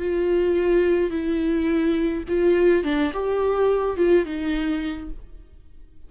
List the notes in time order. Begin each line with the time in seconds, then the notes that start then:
0.00 F4
1.11 E4
2.29 F4
2.84 D4
3.14 G4
3.98 F4
4.26 D#4